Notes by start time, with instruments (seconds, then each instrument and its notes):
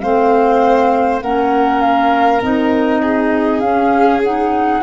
0.00 tuba A3, clarinet C4, violin C5, flute F5
1.21 tuba A#3, clarinet C#4, violin A#4, flute F#5
1.81 flute F5
2.42 tuba C4, clarinet D#4, flute D#5
3.02 violin G#4
3.60 tuba C#4, clarinet C#4, flute F5
4.23 clarinet D#4, flute F#5